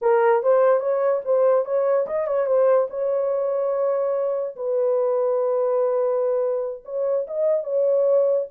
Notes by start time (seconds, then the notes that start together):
0.01 A#4
0.42 C5
0.80 C#5
1.24 C5
1.65 C#5
2.06 D#5
2.27 C#5
2.46 C5
2.90 C#5
4.55 B4
6.84 C#5
7.27 D#5
7.63 C#5